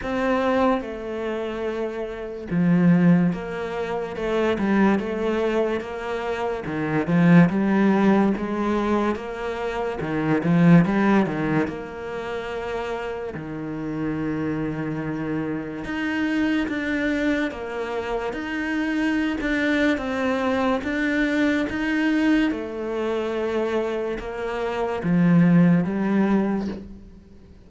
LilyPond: \new Staff \with { instrumentName = "cello" } { \time 4/4 \tempo 4 = 72 c'4 a2 f4 | ais4 a8 g8 a4 ais4 | dis8 f8 g4 gis4 ais4 | dis8 f8 g8 dis8 ais2 |
dis2. dis'4 | d'4 ais4 dis'4~ dis'16 d'8. | c'4 d'4 dis'4 a4~ | a4 ais4 f4 g4 | }